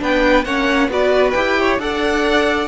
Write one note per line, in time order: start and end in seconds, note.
0.00 0.45 B3
0.00 0.45 D4
0.00 0.45 B4
0.00 0.45 G5
0.45 0.89 A#3
0.45 0.90 C#4
0.45 0.90 C#5
0.45 0.89 F#5
0.89 1.34 B3
0.89 1.35 F#4
0.89 1.60 B4
0.89 1.31 D5
1.31 1.79 E4
1.31 1.80 G4
1.31 1.76 G5
1.60 1.82 C#5
1.79 2.68 D4
1.79 2.68 A4
1.79 2.68 D5
1.79 2.68 F#5